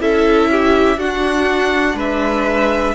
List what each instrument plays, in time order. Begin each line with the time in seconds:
0.00 cello C#4, viola E4, violin A4 E5
0.51 violin G4
0.97 cello D4, viola D4, violin F#4 F#5
1.94 cello G#3, violin B4 E5